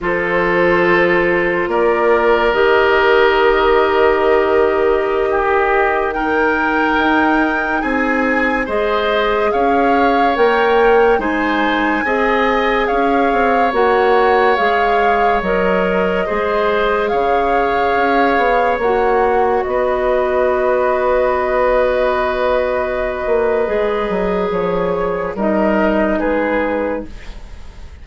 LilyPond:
<<
  \new Staff \with { instrumentName = "flute" } { \time 4/4 \tempo 4 = 71 c''2 d''4 dis''4~ | dis''2.~ dis''16 g''8.~ | g''4~ g''16 gis''4 dis''4 f''8.~ | f''16 g''4 gis''2 f''8.~ |
f''16 fis''4 f''4 dis''4.~ dis''16~ | dis''16 f''2 fis''4 dis''8.~ | dis''1~ | dis''4 cis''4 dis''4 b'4 | }
  \new Staff \with { instrumentName = "oboe" } { \time 4/4 a'2 ais'2~ | ais'2~ ais'16 g'4 ais'8.~ | ais'4~ ais'16 gis'4 c''4 cis''8.~ | cis''4~ cis''16 c''4 dis''4 cis''8.~ |
cis''2.~ cis''16 c''8.~ | c''16 cis''2. b'8.~ | b'1~ | b'2 ais'4 gis'4 | }
  \new Staff \with { instrumentName = "clarinet" } { \time 4/4 f'2. g'4~ | g'2.~ g'16 dis'8.~ | dis'2~ dis'16 gis'4.~ gis'16~ | gis'16 ais'4 dis'4 gis'4.~ gis'16~ |
gis'16 fis'4 gis'4 ais'4 gis'8.~ | gis'2~ gis'16 fis'4.~ fis'16~ | fis'1 | gis'2 dis'2 | }
  \new Staff \with { instrumentName = "bassoon" } { \time 4/4 f2 ais4 dis4~ | dis1~ | dis16 dis'4 c'4 gis4 cis'8.~ | cis'16 ais4 gis4 c'4 cis'8 c'16~ |
c'16 ais4 gis4 fis4 gis8.~ | gis16 cis4 cis'8 b8 ais4 b8.~ | b2.~ b8 ais8 | gis8 fis8 f4 g4 gis4 | }
>>